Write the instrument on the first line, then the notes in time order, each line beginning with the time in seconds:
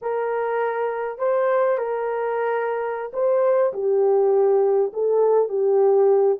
horn
0.01 A#4
1.18 C5
1.78 A#4
3.13 C5
3.73 G4
4.93 A4
5.48 G4